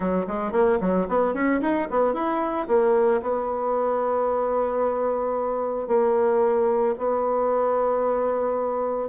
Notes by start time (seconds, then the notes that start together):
0.00 F#3
0.27 G#3
0.52 A#3
0.80 F#3
1.08 B3
1.34 C#4
1.61 D#4
1.90 B3
2.13 E4
2.67 A#3
3.21 B3
5.87 A#3
6.97 B3